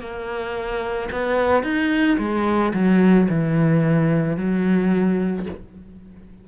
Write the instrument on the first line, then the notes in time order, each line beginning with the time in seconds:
cello
0.00 A#3
1.11 B3
1.63 D#4
2.18 G#3
2.73 F#3
3.29 E3
4.36 F#3